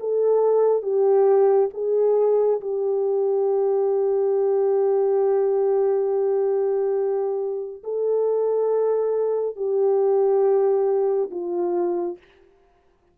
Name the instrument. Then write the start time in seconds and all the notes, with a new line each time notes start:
horn
0.00 A4
0.82 G4
1.74 G#4
2.60 G4
7.83 A4
9.56 G4
11.31 F4